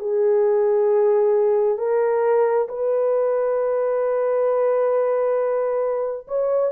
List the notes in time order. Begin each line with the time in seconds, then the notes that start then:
0.00 G#4
1.78 A#4
2.69 B4
6.28 C#5